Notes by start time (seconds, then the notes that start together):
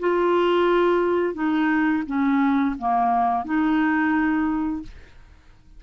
0.00 F4
1.35 D#4
2.07 C#4
2.79 A#3
3.45 D#4